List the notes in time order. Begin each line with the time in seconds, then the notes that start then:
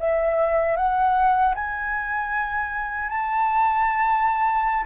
0.00 E5
0.77 F#5
1.55 G#5
3.10 A5